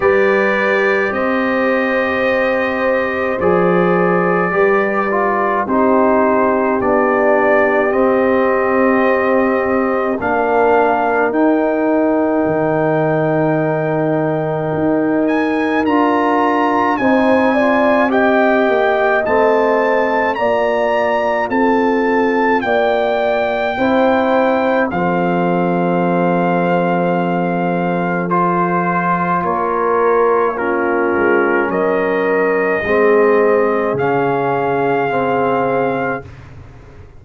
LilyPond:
<<
  \new Staff \with { instrumentName = "trumpet" } { \time 4/4 \tempo 4 = 53 d''4 dis''2 d''4~ | d''4 c''4 d''4 dis''4~ | dis''4 f''4 g''2~ | g''4. gis''8 ais''4 gis''4 |
g''4 a''4 ais''4 a''4 | g''2 f''2~ | f''4 c''4 cis''4 ais'4 | dis''2 f''2 | }
  \new Staff \with { instrumentName = "horn" } { \time 4/4 b'4 c''2. | b'4 g'2.~ | g'4 ais'2.~ | ais'2. c''8 d''8 |
dis''2 d''4 a'4 | d''4 c''4 a'2~ | a'2 ais'4 f'4 | ais'4 gis'2. | }
  \new Staff \with { instrumentName = "trombone" } { \time 4/4 g'2. gis'4 | g'8 f'8 dis'4 d'4 c'4~ | c'4 d'4 dis'2~ | dis'2 f'4 dis'8 f'8 |
g'4 c'4 f'2~ | f'4 e'4 c'2~ | c'4 f'2 cis'4~ | cis'4 c'4 cis'4 c'4 | }
  \new Staff \with { instrumentName = "tuba" } { \time 4/4 g4 c'2 f4 | g4 c'4 b4 c'4~ | c'4 ais4 dis'4 dis4~ | dis4 dis'4 d'4 c'4~ |
c'8 ais8 a4 ais4 c'4 | ais4 c'4 f2~ | f2 ais4. gis8 | fis4 gis4 cis2 | }
>>